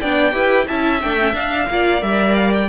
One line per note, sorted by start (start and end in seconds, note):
0.00 0.33 B3
0.00 0.32 D4
0.00 0.34 D5
0.00 0.67 G5
0.32 0.67 E4
0.32 0.66 G4
0.32 0.67 B4
0.67 1.03 C#4
0.67 1.01 E4
0.67 1.68 E5
0.67 1.01 A5
1.01 1.33 A3
1.01 1.19 D4
1.01 1.35 G5
1.20 1.33 C#4
1.33 1.66 D4
1.33 1.67 D4
1.33 2.02 F5
1.69 2.02 A#3
1.69 2.01 F4
1.69 2.69 D5
2.01 2.69 G3
2.01 2.68 A#4
2.01 2.35 E5
2.35 2.52 F5
2.53 2.69 G5